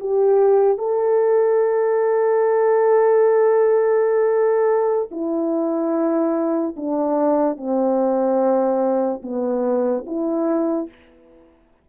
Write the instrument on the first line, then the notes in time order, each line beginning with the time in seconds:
horn
0.00 G4
0.78 A4
5.11 E4
6.76 D4
7.57 C4
9.22 B3
10.06 E4